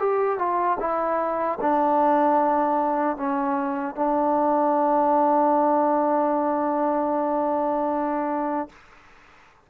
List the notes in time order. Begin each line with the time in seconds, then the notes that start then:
0.00 G4
0.39 F4
0.80 E4
1.62 D4
3.17 C#4
3.96 D4